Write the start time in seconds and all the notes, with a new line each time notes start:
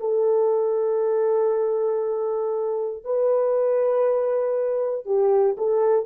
0.00 A4
3.05 B4
5.06 G4
5.57 A4